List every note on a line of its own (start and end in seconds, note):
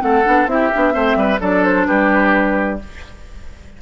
0.00 0.26 A3
0.00 0.23 C4
0.00 0.50 A4
0.00 0.48 F#5
0.24 0.46 B3
0.24 0.47 D4
0.46 0.69 C4
0.46 0.71 E4
0.46 1.40 E5
0.53 0.94 G4
0.73 0.95 B3
0.73 0.92 D4
0.92 1.16 A3
0.92 1.38 C4
0.92 1.17 C5
1.16 1.39 G3
1.16 1.41 B4
1.41 1.87 F#3
1.41 2.79 D4
1.41 1.87 A4
1.41 1.64 D5
1.64 1.87 C5
1.87 2.82 G3
1.87 2.80 G4
1.87 2.79 B4